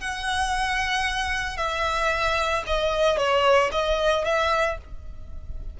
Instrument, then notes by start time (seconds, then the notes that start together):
violin
0.00 F#5
1.57 E5
2.66 D#5
3.17 C#5
3.71 D#5
4.24 E5